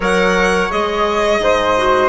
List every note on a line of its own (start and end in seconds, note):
0.00 0.69 F#3
0.00 0.70 A#4
0.00 1.40 C#5
0.00 0.71 F#5
0.70 1.39 G#3
0.70 1.75 G#4
0.70 2.09 D#5
1.39 2.09 G#2
1.39 2.09 C5
1.76 2.09 F#4